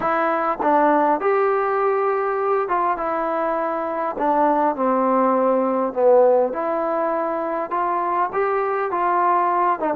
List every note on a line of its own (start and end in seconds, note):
0.00 0.58 E4
0.62 1.20 D4
1.20 2.68 G4
2.68 2.97 F4
2.97 4.16 E4
4.18 4.75 D4
4.75 5.93 C4
5.93 6.52 B3
6.52 7.70 E4
7.70 8.30 F4
8.32 8.91 G4
8.91 9.79 F4
9.79 9.94 D#4